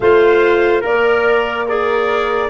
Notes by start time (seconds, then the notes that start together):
0.00 A3 F4 C5 F5
0.81 A#3 A#4 D5
1.66 G#4 A#4 D5